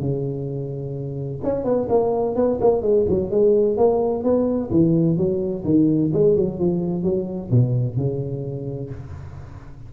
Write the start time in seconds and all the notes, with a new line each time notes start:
0.00 C#3
1.44 C#4
1.64 B3
1.89 A#3
2.36 B3
2.61 A#3
2.82 G#3
3.09 F#3
3.31 G#3
3.77 A#3
4.24 B3
4.71 E3
5.17 F#3
5.64 D#3
6.13 G#3
6.36 F#3
6.59 F3
7.03 F#3
7.51 B2
7.97 C#3